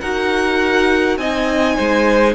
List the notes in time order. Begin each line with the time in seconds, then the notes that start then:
0.00 D#4 F#4 A#4 F#5
1.17 C4 D#4 D#5 G#5
1.76 G#3 C5